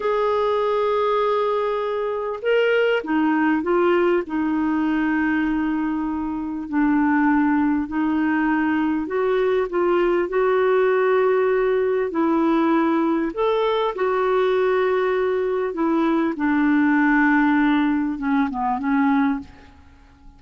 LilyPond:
\new Staff \with { instrumentName = "clarinet" } { \time 4/4 \tempo 4 = 99 gis'1 | ais'4 dis'4 f'4 dis'4~ | dis'2. d'4~ | d'4 dis'2 fis'4 |
f'4 fis'2. | e'2 a'4 fis'4~ | fis'2 e'4 d'4~ | d'2 cis'8 b8 cis'4 | }